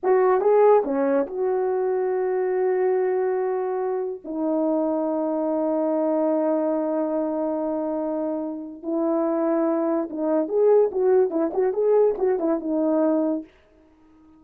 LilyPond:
\new Staff \with { instrumentName = "horn" } { \time 4/4 \tempo 4 = 143 fis'4 gis'4 cis'4 fis'4~ | fis'1~ | fis'2 dis'2~ | dis'1~ |
dis'1~ | dis'4 e'2. | dis'4 gis'4 fis'4 e'8 fis'8 | gis'4 fis'8 e'8 dis'2 | }